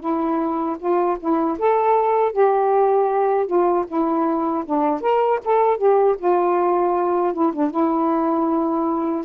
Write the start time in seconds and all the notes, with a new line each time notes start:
0.00 E4
0.79 F4
1.20 E4
1.58 A4
2.32 G4
3.47 F4
3.87 E4
4.65 D4
5.01 A#4
5.44 A4
5.77 G4
6.18 F4
7.33 E4
7.53 D4
7.71 E4